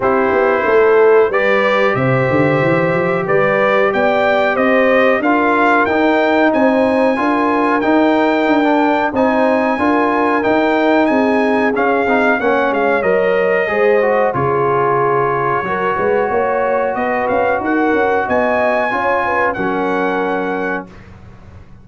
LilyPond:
<<
  \new Staff \with { instrumentName = "trumpet" } { \time 4/4 \tempo 4 = 92 c''2 d''4 e''4~ | e''4 d''4 g''4 dis''4 | f''4 g''4 gis''2 | g''2 gis''2 |
g''4 gis''4 f''4 fis''8 f''8 | dis''2 cis''2~ | cis''2 dis''8 f''8 fis''4 | gis''2 fis''2 | }
  \new Staff \with { instrumentName = "horn" } { \time 4/4 g'4 a'4 b'4 c''4~ | c''4 b'4 d''4 c''4 | ais'2 c''4 ais'4~ | ais'2 c''4 ais'4~ |
ais'4 gis'2 cis''4~ | cis''4 c''4 gis'2 | ais'8 b'8 cis''4 b'4 ais'4 | dis''4 cis''8 b'8 ais'2 | }
  \new Staff \with { instrumentName = "trombone" } { \time 4/4 e'2 g'2~ | g'1 | f'4 dis'2 f'4 | dis'4~ dis'16 d'8. dis'4 f'4 |
dis'2 cis'8 dis'8 cis'4 | ais'4 gis'8 fis'8 f'2 | fis'1~ | fis'4 f'4 cis'2 | }
  \new Staff \with { instrumentName = "tuba" } { \time 4/4 c'8 b8 a4 g4 c8 d8 | e8 f8 g4 b4 c'4 | d'4 dis'4 c'4 d'4 | dis'4 d'4 c'4 d'4 |
dis'4 c'4 cis'8 c'8 ais8 gis8 | fis4 gis4 cis2 | fis8 gis8 ais4 b8 cis'8 dis'8 cis'8 | b4 cis'4 fis2 | }
>>